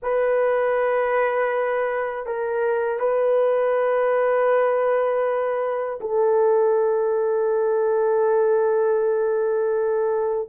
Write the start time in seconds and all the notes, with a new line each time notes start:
0.02 B4
2.26 A#4
2.99 B4
6.00 A4